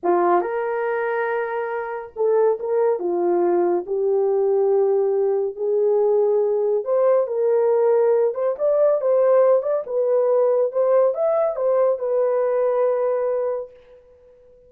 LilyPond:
\new Staff \with { instrumentName = "horn" } { \time 4/4 \tempo 4 = 140 f'4 ais'2.~ | ais'4 a'4 ais'4 f'4~ | f'4 g'2.~ | g'4 gis'2. |
c''4 ais'2~ ais'8 c''8 | d''4 c''4. d''8 b'4~ | b'4 c''4 e''4 c''4 | b'1 | }